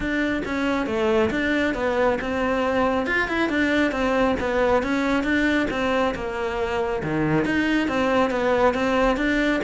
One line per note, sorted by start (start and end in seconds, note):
0.00 0.42 D4
0.45 0.86 C#4
0.86 1.30 A3
1.30 1.74 D4
1.74 2.18 B3
2.21 3.06 C4
3.06 3.28 F4
3.28 3.49 E4
3.49 3.91 D4
3.91 4.35 C4
4.40 4.83 B3
4.83 5.23 C#4
5.23 5.67 D4
5.70 6.14 C4
6.15 7.02 A#3
7.03 7.45 D#3
7.45 7.88 D#4
7.88 8.30 C4
8.30 8.74 B3
8.74 9.17 C4
9.17 9.60 D4